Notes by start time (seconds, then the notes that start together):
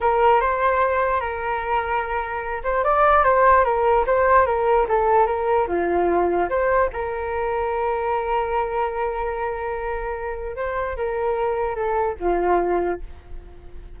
0.00 A#4
0.41 C5
1.20 A#4
2.63 C5
2.84 D5
3.24 C5
3.64 A#4
4.06 C5
4.46 A#4
4.88 A4
5.26 A#4
5.67 F4
6.49 C5
6.92 A#4
10.56 C5
10.97 A#4
11.75 A4
12.19 F4